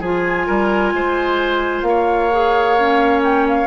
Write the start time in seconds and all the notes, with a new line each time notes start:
0.00 F3 F4 G#4 G#5
0.46 G3 A#4
0.93 G#3 C5
1.82 A#3 C#5 F5
2.31 G#4
2.77 C#4
3.23 G5
3.48 F5